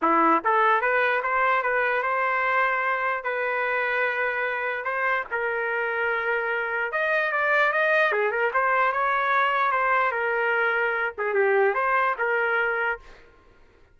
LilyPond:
\new Staff \with { instrumentName = "trumpet" } { \time 4/4 \tempo 4 = 148 e'4 a'4 b'4 c''4 | b'4 c''2. | b'1 | c''4 ais'2.~ |
ais'4 dis''4 d''4 dis''4 | gis'8 ais'8 c''4 cis''2 | c''4 ais'2~ ais'8 gis'8 | g'4 c''4 ais'2 | }